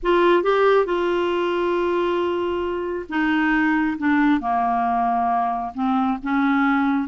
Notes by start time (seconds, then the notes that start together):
0.02 F4
0.43 G4
0.85 F4
3.09 D#4
3.97 D4
4.40 A#3
5.74 C4
6.22 C#4